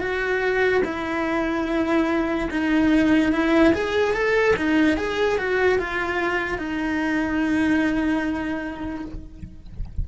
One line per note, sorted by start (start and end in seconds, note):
0.00 0.82 F#4
0.85 2.49 E4
2.51 3.33 D#4
3.33 3.74 E4
3.74 4.14 G#4
4.14 4.55 A4
4.57 4.97 D#4
4.97 5.38 G#4
5.38 5.79 F#4
5.79 6.59 F4
6.59 9.05 D#4